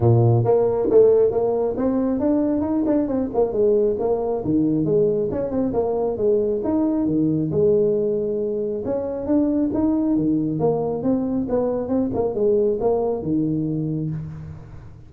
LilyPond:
\new Staff \with { instrumentName = "tuba" } { \time 4/4 \tempo 4 = 136 ais,4 ais4 a4 ais4 | c'4 d'4 dis'8 d'8 c'8 ais8 | gis4 ais4 dis4 gis4 | cis'8 c'8 ais4 gis4 dis'4 |
dis4 gis2. | cis'4 d'4 dis'4 dis4 | ais4 c'4 b4 c'8 ais8 | gis4 ais4 dis2 | }